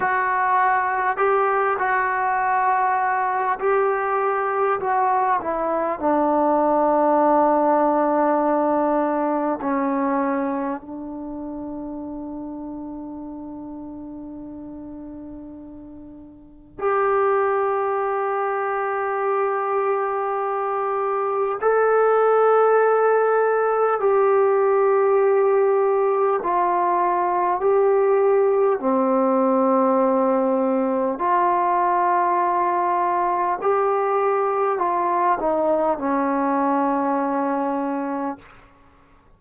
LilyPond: \new Staff \with { instrumentName = "trombone" } { \time 4/4 \tempo 4 = 50 fis'4 g'8 fis'4. g'4 | fis'8 e'8 d'2. | cis'4 d'2.~ | d'2 g'2~ |
g'2 a'2 | g'2 f'4 g'4 | c'2 f'2 | g'4 f'8 dis'8 cis'2 | }